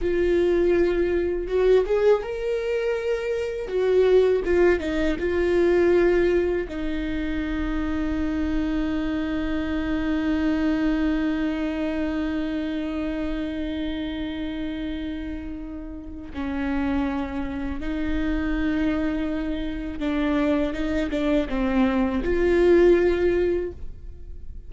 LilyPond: \new Staff \with { instrumentName = "viola" } { \time 4/4 \tempo 4 = 81 f'2 fis'8 gis'8 ais'4~ | ais'4 fis'4 f'8 dis'8 f'4~ | f'4 dis'2.~ | dis'1~ |
dis'1~ | dis'2 cis'2 | dis'2. d'4 | dis'8 d'8 c'4 f'2 | }